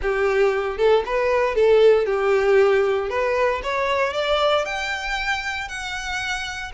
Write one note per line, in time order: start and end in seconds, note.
0.01 0.77 G4
0.77 1.03 A4
1.05 1.55 B4
1.55 2.06 A4
2.06 3.09 G4
3.09 3.61 B4
3.63 4.13 C#5
4.13 4.65 D5
4.65 5.68 G5
5.68 6.71 F#5